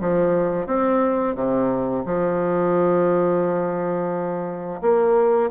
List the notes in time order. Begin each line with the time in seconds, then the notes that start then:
0.00 F3
0.67 C4
1.35 C3
2.05 F3
4.81 A#3